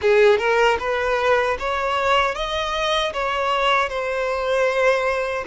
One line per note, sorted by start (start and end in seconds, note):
0.01 0.38 G#4
0.38 0.77 A#4
0.79 1.57 B4
1.59 2.34 C#5
2.34 3.12 D#5
3.13 3.89 C#5
3.89 5.44 C5